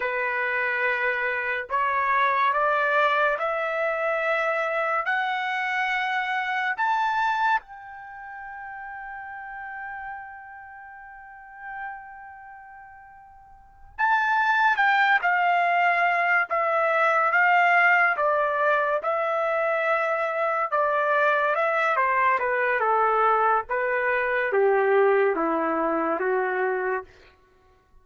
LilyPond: \new Staff \with { instrumentName = "trumpet" } { \time 4/4 \tempo 4 = 71 b'2 cis''4 d''4 | e''2 fis''2 | a''4 g''2.~ | g''1~ |
g''8 a''4 g''8 f''4. e''8~ | e''8 f''4 d''4 e''4.~ | e''8 d''4 e''8 c''8 b'8 a'4 | b'4 g'4 e'4 fis'4 | }